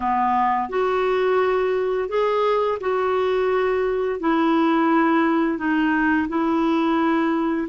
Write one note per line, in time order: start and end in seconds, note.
0.00 0.69 B3
0.69 2.08 F#4
2.08 2.78 G#4
2.80 4.20 F#4
4.20 5.58 E4
5.58 6.27 D#4
6.28 7.67 E4